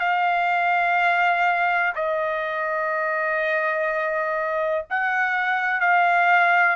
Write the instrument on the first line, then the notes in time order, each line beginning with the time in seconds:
trumpet
0.00 F5
1.95 D#5
4.90 F#5
5.81 F5